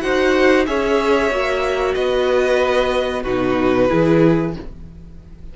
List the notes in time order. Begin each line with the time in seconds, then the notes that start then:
0.00 D#4 F#4 C5 F#5
0.65 C#4 G#4 C#5 E5
1.30 A#3 F#4
1.94 B3 B4 D#5
3.22 B2 D#4 F#4 B4
3.88 E3 E4 G#4